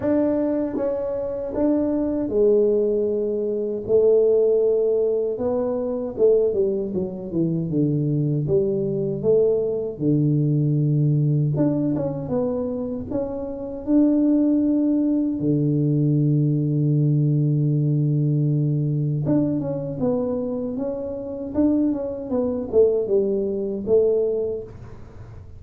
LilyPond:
\new Staff \with { instrumentName = "tuba" } { \time 4/4 \tempo 4 = 78 d'4 cis'4 d'4 gis4~ | gis4 a2 b4 | a8 g8 fis8 e8 d4 g4 | a4 d2 d'8 cis'8 |
b4 cis'4 d'2 | d1~ | d4 d'8 cis'8 b4 cis'4 | d'8 cis'8 b8 a8 g4 a4 | }